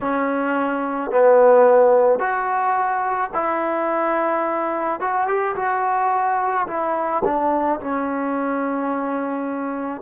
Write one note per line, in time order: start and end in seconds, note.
0.01 1.11 C#4
1.11 2.19 B3
2.19 3.30 F#4
3.34 5.00 E4
5.00 5.27 F#4
5.27 5.55 G4
5.55 6.66 F#4
6.67 7.22 E4
7.24 7.80 D4
7.80 10.02 C#4